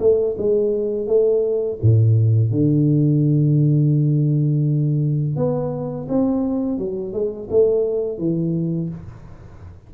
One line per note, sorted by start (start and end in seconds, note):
0.00 0.36 A3
0.38 1.07 G#3
1.07 1.79 A3
1.82 2.51 A2
2.51 5.36 D3
5.36 6.07 B3
6.08 6.78 C4
6.78 7.13 F#3
7.13 7.49 G#3
7.50 8.18 A3
8.18 8.90 E3